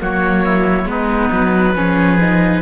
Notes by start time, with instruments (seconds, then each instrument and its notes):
0.00 cello F#3, viola A#3, oboe F#4 C#5
0.44 oboe E4
0.85 cello G#3, viola B3, oboe D#4 B4
1.32 cello F#3
1.75 cello F3, viola C#4, oboe G#4
2.21 viola D#4